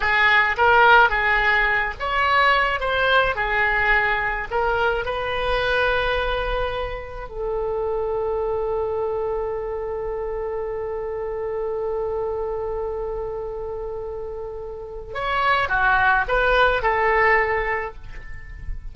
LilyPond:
\new Staff \with { instrumentName = "oboe" } { \time 4/4 \tempo 4 = 107 gis'4 ais'4 gis'4. cis''8~ | cis''4 c''4 gis'2 | ais'4 b'2.~ | b'4 a'2.~ |
a'1~ | a'1~ | a'2. cis''4 | fis'4 b'4 a'2 | }